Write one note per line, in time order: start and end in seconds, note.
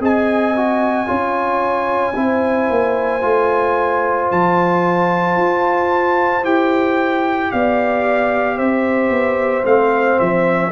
0.00 1.07 C4
0.00 0.55 G#4
0.00 1.08 D#5
0.00 4.31 G#5
0.56 1.07 F#4
1.07 2.15 C#4
1.07 2.14 F4
1.07 2.15 C#5
2.15 2.69 C4
2.15 3.21 E4
2.15 7.51 C5
2.70 3.23 A#3
3.21 4.30 A3
3.21 6.43 F4
4.31 5.37 F3
4.31 6.45 A5
5.37 6.44 F4
6.43 7.51 E4
6.43 9.64 G4
6.43 7.52 G5
7.52 8.60 B3
7.52 8.56 D5
7.52 8.58 F5
8.56 9.10 C4
8.56 10.71 C5
8.56 9.65 E5
9.10 9.63 B3
9.64 10.18 A3
9.64 10.71 C4
9.64 10.19 F5
10.19 10.71 F3
10.19 10.71 E5